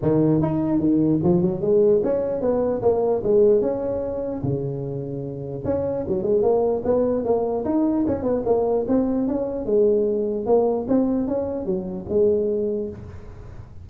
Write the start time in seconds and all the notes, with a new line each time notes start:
0.02 D#3
0.41 D#4
0.79 D#3
1.23 F3
1.42 F#3
1.61 G#3
2.03 C#4
2.41 B3
2.82 A#3
3.23 G#3
3.61 C#4
4.42 C#3
5.64 C#4
6.08 F#3
6.22 G#3
6.42 A#3
6.84 B3
7.24 A#3
7.65 D#4
8.07 C#4
8.22 B3
8.45 A#3
8.88 C4
9.27 C#4
9.65 G#3
10.46 A#3
10.88 C4
11.27 C#4
11.65 F#3
12.09 G#3